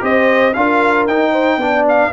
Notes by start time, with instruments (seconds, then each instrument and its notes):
0.00 tuba C4, trombone G4, horn C5, trumpet D#5
0.53 tuba D4, trombone F4, horn A#4, trumpet F5
1.07 tuba D#4, trombone D#4, trumpet G5
1.31 horn C5
1.57 tuba B3, trombone D4, horn D5
1.88 trumpet F5